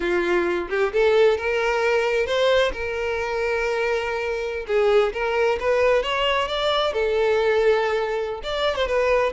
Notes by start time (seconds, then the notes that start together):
0.00 F4
0.69 G4
0.92 A4
1.37 A#4
2.26 C5
2.72 A#4
4.67 G#4
5.13 A#4
5.60 B4
6.02 C#5
6.48 D5
6.93 A4
8.43 D5
8.76 C5
8.87 B4